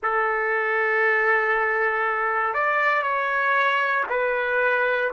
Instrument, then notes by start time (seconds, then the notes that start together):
trumpet
0.02 A4
2.54 D5
3.02 C#5
4.09 B4